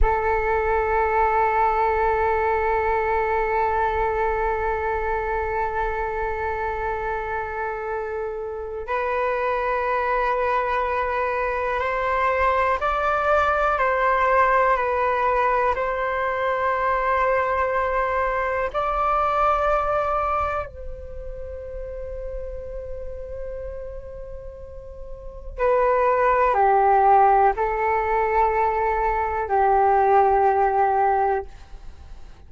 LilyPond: \new Staff \with { instrumentName = "flute" } { \time 4/4 \tempo 4 = 61 a'1~ | a'1~ | a'4 b'2. | c''4 d''4 c''4 b'4 |
c''2. d''4~ | d''4 c''2.~ | c''2 b'4 g'4 | a'2 g'2 | }